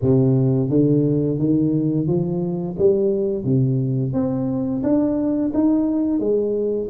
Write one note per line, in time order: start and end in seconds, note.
0.01 0.69 C3
0.69 1.38 D3
1.38 2.07 D#3
2.07 2.76 F3
2.78 3.44 G3
3.44 4.13 C3
4.13 4.82 C4
4.83 5.52 D4
5.54 6.19 D#4
6.19 6.88 G#3